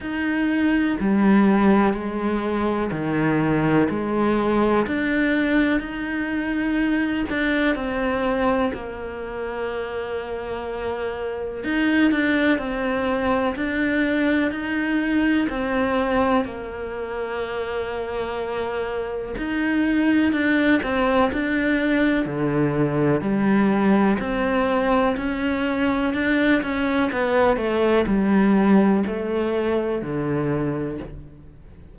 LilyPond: \new Staff \with { instrumentName = "cello" } { \time 4/4 \tempo 4 = 62 dis'4 g4 gis4 dis4 | gis4 d'4 dis'4. d'8 | c'4 ais2. | dis'8 d'8 c'4 d'4 dis'4 |
c'4 ais2. | dis'4 d'8 c'8 d'4 d4 | g4 c'4 cis'4 d'8 cis'8 | b8 a8 g4 a4 d4 | }